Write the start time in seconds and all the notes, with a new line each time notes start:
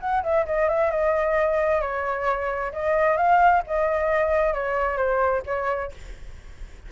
0.00 F#5
0.23 E5
0.46 D#5
0.69 E5
0.91 D#5
1.81 C#5
2.73 D#5
3.17 F5
3.67 D#5
4.54 C#5
4.97 C5
5.46 C#5